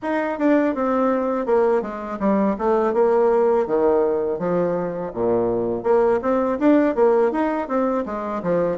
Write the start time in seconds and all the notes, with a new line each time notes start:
0.02 D#4
0.39 D4
0.75 C4
1.46 A#3
1.81 G#3
2.19 G3
2.58 A3
2.93 A#3
3.66 D#3
4.38 F3
5.13 A#2
5.83 A#3
6.22 C4
6.59 D4
6.95 A#3
7.31 D#4
7.68 C4
8.05 G#3
8.42 F3